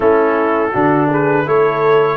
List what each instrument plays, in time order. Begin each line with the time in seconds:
0.00 tuba A3, trombone C#4, horn E4, trumpet A4
0.71 tuba D3, trombone D4, horn F#4
1.09 horn G#4, trumpet B4
1.45 tuba A3, trombone E4, horn A4, trumpet C#5